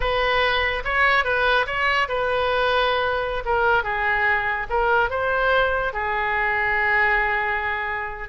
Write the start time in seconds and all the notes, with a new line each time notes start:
0.00 B4
0.84 C#5
1.24 B4
1.66 C#5
2.08 B4
3.45 A#4
3.83 G#4
4.69 A#4
5.09 C5
5.93 G#4